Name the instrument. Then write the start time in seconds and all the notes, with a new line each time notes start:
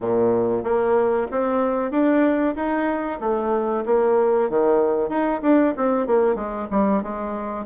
bassoon
0.00 A#2
0.63 A#3
1.31 C4
1.91 D4
2.55 D#4
3.20 A3
3.85 A#3
4.49 D#3
5.09 D#4
5.42 D4
5.76 C4
6.06 A#3
6.35 G#3
6.71 G3
7.02 G#3